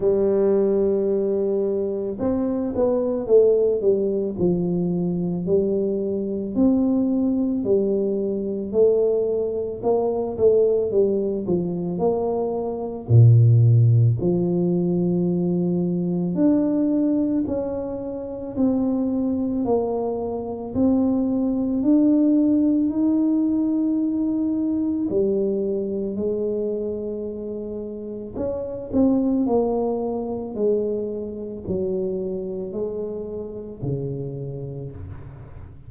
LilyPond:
\new Staff \with { instrumentName = "tuba" } { \time 4/4 \tempo 4 = 55 g2 c'8 b8 a8 g8 | f4 g4 c'4 g4 | a4 ais8 a8 g8 f8 ais4 | ais,4 f2 d'4 |
cis'4 c'4 ais4 c'4 | d'4 dis'2 g4 | gis2 cis'8 c'8 ais4 | gis4 fis4 gis4 cis4 | }